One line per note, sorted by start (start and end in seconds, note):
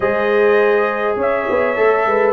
0.00 1.16 G#3
0.00 1.76 G#4
0.00 1.18 C5
0.00 1.17 D#5
1.16 1.45 C#4
1.16 2.06 C#5
1.16 2.32 E5
1.49 1.77 B3
1.76 2.06 A3
1.76 2.32 A4
2.06 2.32 G#3
2.06 2.32 B4